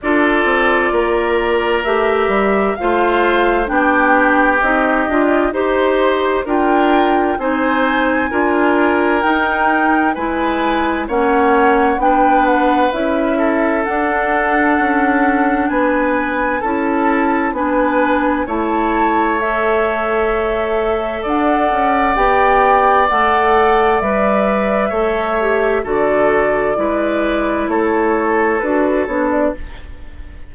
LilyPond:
<<
  \new Staff \with { instrumentName = "flute" } { \time 4/4 \tempo 4 = 65 d''2 e''4 f''4 | g''4 dis''4 c''4 g''4 | gis''2 g''4 gis''4 | fis''4 g''8 fis''8 e''4 fis''4~ |
fis''4 gis''4 a''4 gis''4 | a''4 e''2 fis''4 | g''4 fis''4 e''2 | d''2 cis''4 b'8 cis''16 d''16 | }
  \new Staff \with { instrumentName = "oboe" } { \time 4/4 a'4 ais'2 c''4 | g'2 c''4 ais'4 | c''4 ais'2 b'4 | cis''4 b'4. a'4.~ |
a'4 b'4 a'4 b'4 | cis''2. d''4~ | d''2. cis''4 | a'4 b'4 a'2 | }
  \new Staff \with { instrumentName = "clarinet" } { \time 4/4 f'2 g'4 f'4 | d'4 dis'8 f'8 g'4 f'4 | dis'4 f'4 dis'4 e'4 | cis'4 d'4 e'4 d'4~ |
d'2 e'4 d'4 | e'4 a'2. | g'4 a'4 b'4 a'8 g'8 | fis'4 e'2 fis'8 d'8 | }
  \new Staff \with { instrumentName = "bassoon" } { \time 4/4 d'8 c'8 ais4 a8 g8 a4 | b4 c'8 d'8 dis'4 d'4 | c'4 d'4 dis'4 gis4 | ais4 b4 cis'4 d'4 |
cis'4 b4 cis'4 b4 | a2. d'8 cis'8 | b4 a4 g4 a4 | d4 gis4 a4 d'8 b8 | }
>>